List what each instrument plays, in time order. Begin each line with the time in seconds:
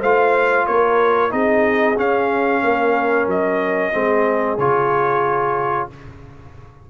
0.00 tuba A3, trombone F4, horn C5, trumpet F5
0.67 tuba A#3, horn A#4, trumpet C#5
1.31 tuba C4, trombone D#4, horn G#4, trumpet D#5
1.97 tuba C#4, trombone C#4, trumpet F5
2.63 tuba A#3, horn A#4
3.27 tuba F#3, trumpet D#5
3.93 tuba G#3, trombone C4, horn G#4
4.58 tuba C#3, trombone F4, trumpet C#5